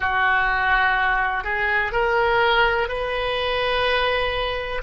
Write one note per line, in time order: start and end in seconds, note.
0.00 1.43 F#4
1.43 1.91 G#4
1.91 2.88 A#4
2.88 4.81 B4